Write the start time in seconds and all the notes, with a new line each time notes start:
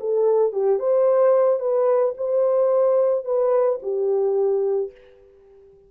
0.00 A4
0.52 G4
0.79 C5
1.59 B4
2.17 C5
3.25 B4
3.82 G4